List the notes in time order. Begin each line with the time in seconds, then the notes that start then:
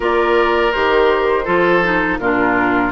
0.00 A#3 F4 A#4 D5
0.72 D#3 G4 C5
1.44 F3 F4 A4
1.83 D#4
2.19 A#2 D4 F4 A#4